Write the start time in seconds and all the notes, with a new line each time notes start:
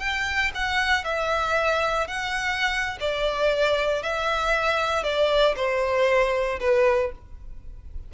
0.00 G5
0.55 F#5
1.05 E5
2.08 F#5
3.01 D5
4.03 E5
5.04 D5
5.57 C5
6.60 B4